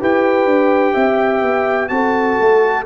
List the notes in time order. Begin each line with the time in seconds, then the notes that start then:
0.00 E4 G4 B4 G5
0.45 D4
0.93 C4 E5
1.42 B3
1.88 C4 F#4 A4 A5
2.40 A3